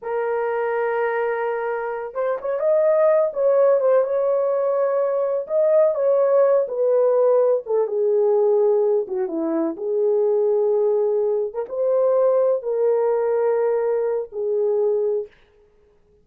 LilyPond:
\new Staff \with { instrumentName = "horn" } { \time 4/4 \tempo 4 = 126 ais'1~ | ais'8 c''8 cis''8 dis''4. cis''4 | c''8 cis''2. dis''8~ | dis''8 cis''4. b'2 |
a'8 gis'2~ gis'8 fis'8 e'8~ | e'8 gis'2.~ gis'8~ | gis'16 ais'16 c''2 ais'4.~ | ais'2 gis'2 | }